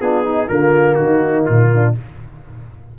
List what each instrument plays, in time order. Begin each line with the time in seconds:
0.00 tuba B3, trombone D4, horn F4, trumpet G#4
0.24 horn D#4, trombone D#4
0.48 tuba D3, trombone A#3, horn F4, trumpet A#4
0.94 tuba D#3, horn D#4, trumpet F#4
1.45 tuba A#2, trumpet F4
1.74 horn D4